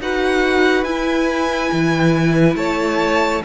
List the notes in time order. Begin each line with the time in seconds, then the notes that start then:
0.00 D#4 F#4 B4 F#5
0.83 E4 G#5
1.72 E3
2.55 A3 C#5 A5